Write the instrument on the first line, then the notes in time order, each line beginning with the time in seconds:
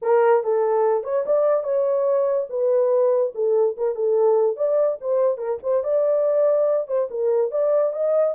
horn
0.02 A#4
0.43 A4
1.03 C#5
1.26 D5
1.63 C#5
2.49 B4
3.34 A4
3.77 A#4
3.95 A4
4.56 D5
5.00 C5
5.37 A#4
5.62 C5
5.83 D5
6.87 C5
7.10 A#4
7.51 D5
7.93 D#5